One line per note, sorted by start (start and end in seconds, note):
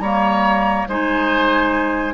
0.00 0.86 G3
0.00 0.89 A#3
0.00 0.89 C#5
0.00 0.86 A#5
0.88 2.14 G#3
0.88 2.14 D#4
0.88 2.14 C5
0.88 2.14 G#5